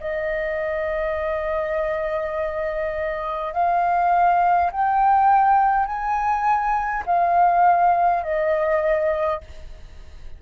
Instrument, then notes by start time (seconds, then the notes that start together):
flute
0.00 D#5
3.53 F5
4.72 G5
5.86 G#5
7.06 F5
8.24 D#5